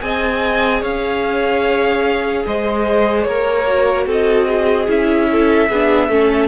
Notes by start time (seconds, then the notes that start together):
0.00 C4 G#4 D#5 G#5
0.81 C#4 C#5 F5
2.46 G#3 C5 D#5
3.23 A#3 A#4 C#5
3.67 F#4
4.07 C4 A4 D#5
4.47 G#4
4.88 C#4 E4 E5
5.32 A4
5.70 B3 D4 G#4
6.09 A3 C#4 A4